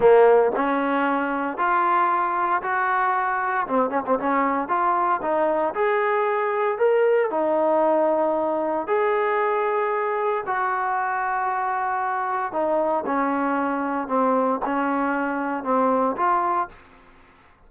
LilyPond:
\new Staff \with { instrumentName = "trombone" } { \time 4/4 \tempo 4 = 115 ais4 cis'2 f'4~ | f'4 fis'2 c'8 cis'16 c'16 | cis'4 f'4 dis'4 gis'4~ | gis'4 ais'4 dis'2~ |
dis'4 gis'2. | fis'1 | dis'4 cis'2 c'4 | cis'2 c'4 f'4 | }